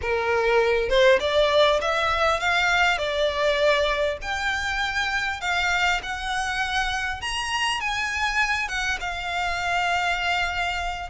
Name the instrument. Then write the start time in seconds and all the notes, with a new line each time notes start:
violin
0.01 A#4
0.89 C5
1.19 D5
1.81 E5
2.39 F5
2.98 D5
4.21 G5
5.40 F5
6.02 F#5
7.21 A#5
7.80 G#5
8.68 F#5
9.00 F5